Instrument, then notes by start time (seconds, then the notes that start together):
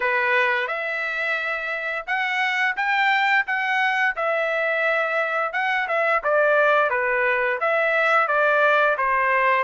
trumpet
0.00 B4
0.67 E5
2.06 F#5
2.76 G5
3.46 F#5
4.15 E5
5.53 F#5
5.88 E5
6.23 D5
6.90 B4
7.60 E5
8.27 D5
8.97 C5